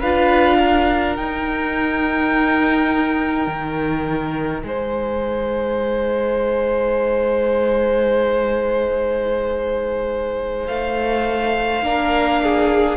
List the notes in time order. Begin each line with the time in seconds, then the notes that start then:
0.00 D4 F4 B4 F5
0.59 A#4
1.17 D#4 G5
3.47 D#3
4.62 G#3 C5 G#5
10.67 A3 F5
11.83 A#3 D4 A#4
12.43 G#4